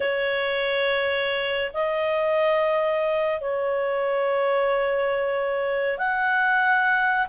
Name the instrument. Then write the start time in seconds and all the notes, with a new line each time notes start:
clarinet
0.00 C#5
1.73 D#5
3.41 C#5
5.98 F#5